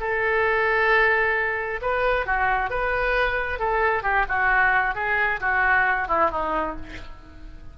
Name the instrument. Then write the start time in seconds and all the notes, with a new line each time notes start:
oboe
0.00 A4
1.82 B4
2.26 F#4
2.70 B4
3.59 A4
4.03 G4
4.28 F#4
4.95 G#4
5.41 F#4
6.08 E4
6.31 D#4